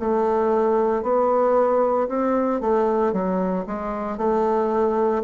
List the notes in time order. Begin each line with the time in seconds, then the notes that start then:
0.00 A3
1.03 B3
2.09 C4
2.61 A3
3.13 F#3
3.67 G#3
4.18 A3